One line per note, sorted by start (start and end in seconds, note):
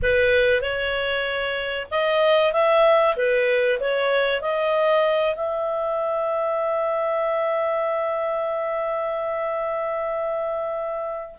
0.02 0.61 B4
0.61 1.87 C#5
1.90 2.52 D#5
2.52 3.16 E5
3.16 3.79 B4
3.80 4.41 C#5
4.41 5.35 D#5
5.35 11.35 E5